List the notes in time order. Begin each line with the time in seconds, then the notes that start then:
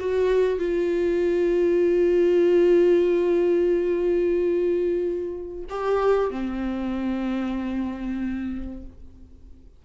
0.00 F#4
0.59 F4
5.70 G4
6.31 C4